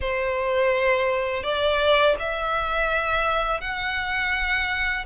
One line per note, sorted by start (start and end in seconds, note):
0.00 1.43 C5
1.43 2.15 D5
2.19 3.60 E5
3.60 5.05 F#5